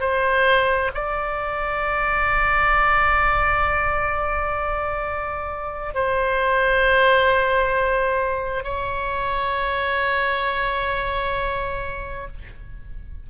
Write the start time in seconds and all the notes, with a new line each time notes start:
0.00 C5
0.95 D5
5.95 C5
8.64 C#5